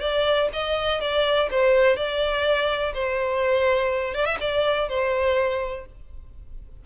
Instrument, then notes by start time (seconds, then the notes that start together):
violin
0.00 D5
0.53 D#5
1.01 D5
1.50 C5
1.96 D5
2.94 C5
4.14 D5
4.25 E5
4.40 D5
4.88 C5